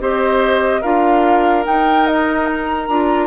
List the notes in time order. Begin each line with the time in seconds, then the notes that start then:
0.00 C4 G4 C5 D#5
0.81 D4 F4 A#4 F5
1.64 D#4 G5
2.07 D#5
2.46 A#5
2.88 D4 F4